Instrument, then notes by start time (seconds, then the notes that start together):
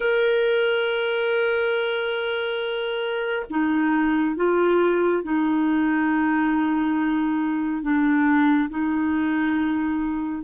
clarinet
0.00 A#4
3.50 D#4
4.36 F4
5.23 D#4
7.82 D4
8.70 D#4